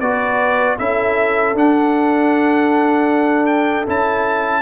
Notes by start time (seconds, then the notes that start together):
0.00 B3 F#4 B4 D5
0.78 C#4 E4 A4 E5
1.54 D4 F#5
3.46 G5
3.87 C#4 E4 A5